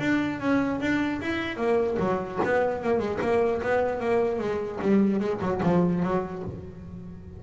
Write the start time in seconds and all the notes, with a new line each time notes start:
0.00 D4
0.40 C#4
0.81 D4
1.22 E4
1.57 A#3
2.00 F#3
2.45 B3
2.84 A#3
2.99 G#3
3.21 A#3
3.62 B3
4.01 A#3
4.39 G#3
4.82 G3
5.21 G#3
5.42 F#3
5.63 F3
6.03 F#3